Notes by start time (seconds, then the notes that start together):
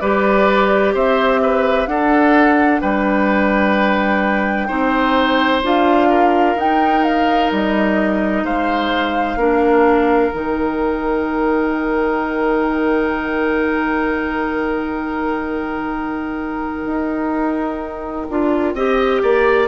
0.00 G3 G4 B4 D5
0.94 C4 C5 E5
1.42 B4
1.87 D4 A4 F#5
2.81 G3 B4 G5
4.68 C4 D#4 C5
5.63 D4 F4 F5
6.09 A#4
6.55 D#4 G5
7.04 F5
7.51 G3 D#5
8.43 G#3 C5 F5
9.36 A#3 D4 A#4
10.32 D#3 D#4 G5
16.86 D#4
18.30 D4 F4
18.74 C4 G4 D#5
19.22 A#3 D5